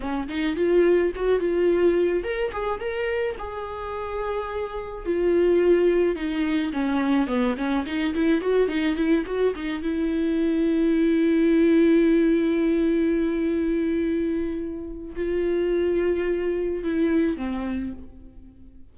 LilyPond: \new Staff \with { instrumentName = "viola" } { \time 4/4 \tempo 4 = 107 cis'8 dis'8 f'4 fis'8 f'4. | ais'8 gis'8 ais'4 gis'2~ | gis'4 f'2 dis'4 | cis'4 b8 cis'8 dis'8 e'8 fis'8 dis'8 |
e'8 fis'8 dis'8 e'2~ e'8~ | e'1~ | e'2. f'4~ | f'2 e'4 c'4 | }